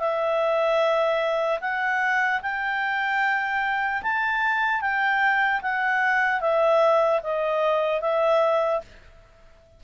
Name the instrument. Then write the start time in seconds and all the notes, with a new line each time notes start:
clarinet
0.00 E5
1.61 F#5
2.43 G5
4.03 A5
4.81 G5
5.62 F#5
6.41 E5
7.23 D#5
8.01 E5